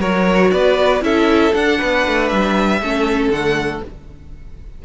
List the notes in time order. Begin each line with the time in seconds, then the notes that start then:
0.00 F#3 F#4 A#4 C#5
0.50 B3 B4 D5
1.01 C#4 E4 A4 E5
1.52 D4 F#5
1.79 B3 B4
2.07 A3
2.29 G3 E5
2.82 A3 C#4 A4
3.29 D3 A3 F#5